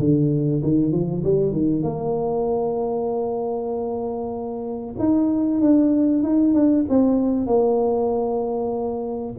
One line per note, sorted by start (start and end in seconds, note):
0.00 0.62 D3
0.63 0.93 D#3
0.93 1.24 F3
1.24 1.53 G3
1.53 1.83 D#3
1.83 4.96 A#3
4.99 5.61 D#4
5.61 6.24 D4
6.24 6.54 D#4
6.54 6.86 D4
6.90 7.47 C4
7.47 9.34 A#3